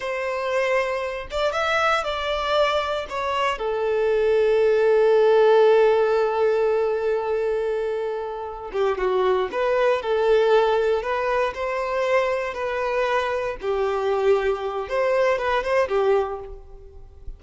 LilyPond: \new Staff \with { instrumentName = "violin" } { \time 4/4 \tempo 4 = 117 c''2~ c''8 d''8 e''4 | d''2 cis''4 a'4~ | a'1~ | a'1~ |
a'4 g'8 fis'4 b'4 a'8~ | a'4. b'4 c''4.~ | c''8 b'2 g'4.~ | g'4 c''4 b'8 c''8 g'4 | }